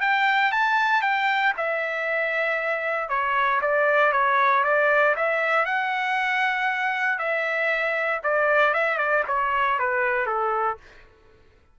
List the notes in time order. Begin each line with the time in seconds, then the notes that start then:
0.00 G5
0.52 A5
1.01 G5
1.56 E5
3.09 C#5
3.61 D5
4.12 C#5
4.63 D5
5.16 E5
5.65 F#5
7.18 E5
8.23 D5
8.73 E5
8.97 D5
9.27 C#5
9.79 B4
10.26 A4